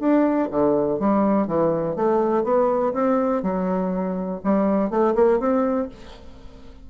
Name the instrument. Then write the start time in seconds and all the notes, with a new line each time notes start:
bassoon
0.00 D4
0.51 D3
1.00 G3
1.48 E3
1.96 A3
2.44 B3
2.94 C4
3.43 F#3
4.44 G3
4.91 A3
5.16 A#3
5.40 C4